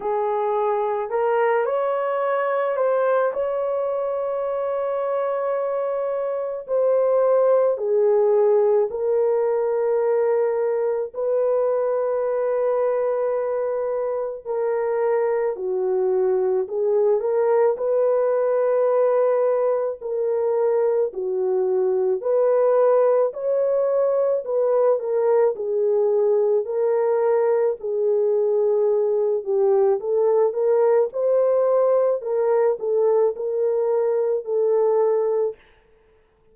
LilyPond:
\new Staff \with { instrumentName = "horn" } { \time 4/4 \tempo 4 = 54 gis'4 ais'8 cis''4 c''8 cis''4~ | cis''2 c''4 gis'4 | ais'2 b'2~ | b'4 ais'4 fis'4 gis'8 ais'8 |
b'2 ais'4 fis'4 | b'4 cis''4 b'8 ais'8 gis'4 | ais'4 gis'4. g'8 a'8 ais'8 | c''4 ais'8 a'8 ais'4 a'4 | }